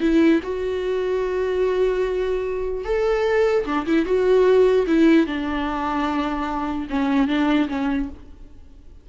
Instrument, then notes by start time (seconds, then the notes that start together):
viola
0.00 E4
0.43 F#4
2.84 A4
3.65 D4
3.86 E4
4.05 F#4
4.87 E4
5.26 D4
6.90 C#4
7.27 D4
7.69 C#4